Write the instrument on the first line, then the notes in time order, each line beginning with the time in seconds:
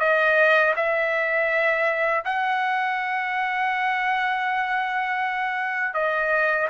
trumpet
0.00 D#5
0.76 E5
2.25 F#5
5.94 D#5